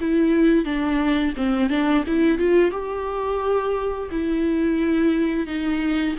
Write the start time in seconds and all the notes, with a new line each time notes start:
0.00 E4
0.64 D4
1.37 C4
1.69 D4
2.07 E4
2.38 F4
2.71 G4
4.11 E4
5.46 D#4